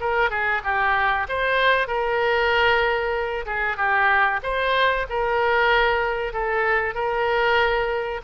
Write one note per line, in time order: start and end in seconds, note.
0.00 0.30 A#4
0.30 0.62 G#4
0.64 1.27 G4
1.28 1.87 C5
1.87 3.45 A#4
3.46 3.77 G#4
3.77 4.40 G4
4.43 5.06 C5
5.09 6.33 A#4
6.33 6.94 A4
6.94 8.21 A#4